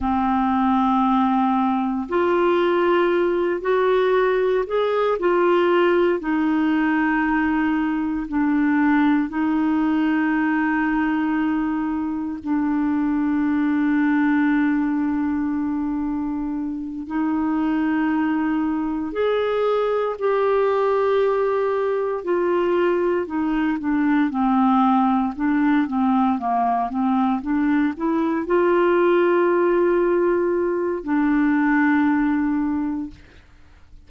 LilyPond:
\new Staff \with { instrumentName = "clarinet" } { \time 4/4 \tempo 4 = 58 c'2 f'4. fis'8~ | fis'8 gis'8 f'4 dis'2 | d'4 dis'2. | d'1~ |
d'8 dis'2 gis'4 g'8~ | g'4. f'4 dis'8 d'8 c'8~ | c'8 d'8 c'8 ais8 c'8 d'8 e'8 f'8~ | f'2 d'2 | }